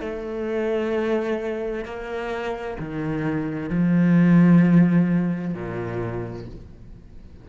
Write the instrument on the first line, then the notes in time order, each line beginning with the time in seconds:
cello
0.00 A3
1.85 A#3
2.79 D#3
3.70 F3
5.54 A#2